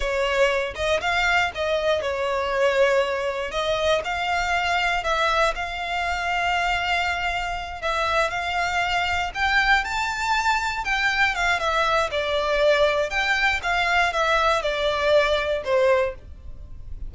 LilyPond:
\new Staff \with { instrumentName = "violin" } { \time 4/4 \tempo 4 = 119 cis''4. dis''8 f''4 dis''4 | cis''2. dis''4 | f''2 e''4 f''4~ | f''2.~ f''8 e''8~ |
e''8 f''2 g''4 a''8~ | a''4. g''4 f''8 e''4 | d''2 g''4 f''4 | e''4 d''2 c''4 | }